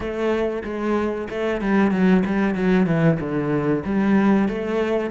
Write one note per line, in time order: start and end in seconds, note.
0.00 0.62 A3
0.64 1.28 G#3
1.30 1.61 A3
1.61 1.91 G3
1.91 2.23 F#3
2.25 2.54 G3
2.54 2.86 F#3
2.86 3.18 E3
3.19 3.83 D3
3.85 4.48 G3
4.48 5.10 A3